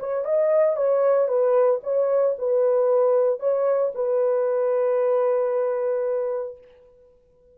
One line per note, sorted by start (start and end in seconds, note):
0.00 0.25 C#5
0.25 0.77 D#5
0.77 1.28 C#5
1.28 1.81 B4
1.84 2.36 C#5
2.39 3.40 B4
3.40 3.93 C#5
3.95 6.58 B4